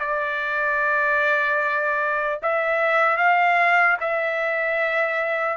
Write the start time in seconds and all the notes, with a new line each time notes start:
0.00 D5
2.43 E5
3.18 F5
4.01 E5